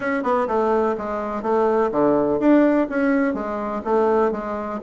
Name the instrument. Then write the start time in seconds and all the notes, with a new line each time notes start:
bassoon
0.00 C#4
0.23 B3
0.47 A3
0.97 G#3
1.42 A3
1.91 D3
2.39 D4
2.89 C#4
3.34 G#3
3.84 A3
4.31 G#3